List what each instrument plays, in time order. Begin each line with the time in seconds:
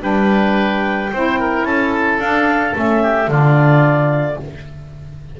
0.00 double bass G3, saxophone D4, oboe B4, clarinet G5
1.12 double bass C4, saxophone E4, oboe C5
1.40 oboe A#4
1.63 double bass C#4, oboe A4, clarinet A5
2.18 double bass D4, saxophone D4, clarinet F5
2.73 double bass A3, saxophone C#4, clarinet E5
3.02 oboe G4
3.26 double bass D3, saxophone D4, oboe F4, clarinet D5